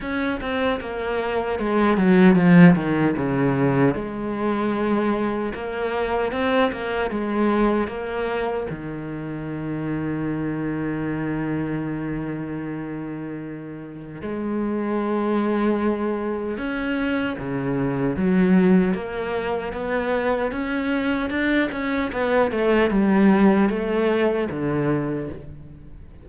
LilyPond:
\new Staff \with { instrumentName = "cello" } { \time 4/4 \tempo 4 = 76 cis'8 c'8 ais4 gis8 fis8 f8 dis8 | cis4 gis2 ais4 | c'8 ais8 gis4 ais4 dis4~ | dis1~ |
dis2 gis2~ | gis4 cis'4 cis4 fis4 | ais4 b4 cis'4 d'8 cis'8 | b8 a8 g4 a4 d4 | }